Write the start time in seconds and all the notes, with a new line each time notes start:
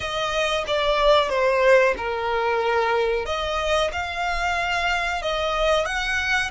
0.00 D#5
0.67 D5
1.29 C5
1.97 A#4
3.25 D#5
3.92 F5
5.22 D#5
5.85 F#5